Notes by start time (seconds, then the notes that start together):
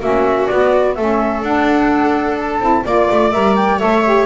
0.00 A#3 C#4 F#4 E5
0.47 B3 D5
0.94 A3 C#4 A4 E5
1.42 D4 F#5
2.39 A5
2.60 C4 E4
2.84 A#3 F4 D5
3.10 A3
3.31 G3 A#4 E5
3.56 G5
3.78 A3 A4 C#5 E5
4.05 G4